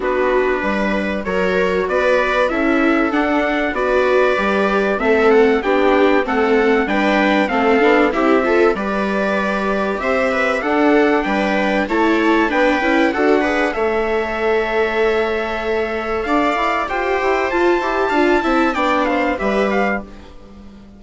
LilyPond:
<<
  \new Staff \with { instrumentName = "trumpet" } { \time 4/4 \tempo 4 = 96 b'2 cis''4 d''4 | e''4 fis''4 d''2 | e''8 fis''8 g''4 fis''4 g''4 | f''4 e''4 d''2 |
e''4 fis''4 g''4 a''4 | g''4 fis''4 e''2~ | e''2 f''4 g''4 | a''2 g''8 f''8 e''8 f''8 | }
  \new Staff \with { instrumentName = "viola" } { \time 4/4 fis'4 b'4 ais'4 b'4 | a'2 b'2 | a'4 g'4 a'4 b'4 | a'4 g'8 a'8 b'2 |
c''8 b'8 a'4 b'4 cis''4 | b'4 a'8 b'8 cis''2~ | cis''2 d''4 c''4~ | c''4 f''8 e''8 d''8 c''8 b'4 | }
  \new Staff \with { instrumentName = "viola" } { \time 4/4 d'2 fis'2 | e'4 d'4 fis'4 g'4 | c'4 d'4 c'4 d'4 | c'8 d'8 e'8 f'8 g'2~ |
g'4 d'2 e'4 | d'8 e'8 fis'8 gis'8 a'2~ | a'2. g'4 | f'8 g'8 f'8 e'8 d'4 g'4 | }
  \new Staff \with { instrumentName = "bassoon" } { \time 4/4 b4 g4 fis4 b4 | cis'4 d'4 b4 g4 | a4 b4 a4 g4 | a8 b8 c'4 g2 |
c'4 d'4 g4 a4 | b8 cis'8 d'4 a2~ | a2 d'8 e'8 f'8 e'8 | f'8 e'8 d'8 c'8 b4 g4 | }
>>